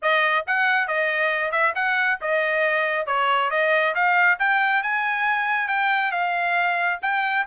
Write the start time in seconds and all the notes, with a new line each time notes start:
0.01 D#5
0.46 F#5
0.87 D#5
1.51 E5
1.75 F#5
2.21 D#5
3.06 C#5
3.50 D#5
3.94 F5
4.39 G5
4.83 G#5
5.68 G5
6.11 F5
7.02 G5